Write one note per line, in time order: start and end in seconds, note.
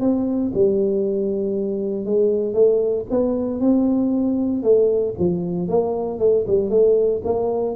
0.00 0.52 C4
0.54 2.05 G3
2.05 2.53 G#3
2.53 3.05 A3
3.10 3.60 B3
3.60 4.63 C4
4.63 5.14 A3
5.18 5.68 F3
5.68 6.19 A#3
6.19 6.45 A3
6.47 6.70 G3
6.70 7.21 A3
7.24 7.75 A#3